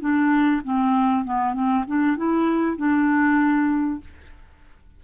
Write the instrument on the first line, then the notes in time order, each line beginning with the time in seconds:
clarinet
0.00 D4
0.64 C4
1.25 B3
1.54 C4
1.87 D4
2.17 E4
2.77 D4